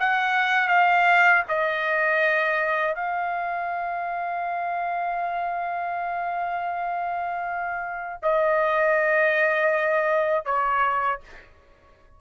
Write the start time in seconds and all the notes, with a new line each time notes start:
0.00 F#5
0.68 F5
1.48 D#5
2.95 F5
8.23 D#5
10.46 C#5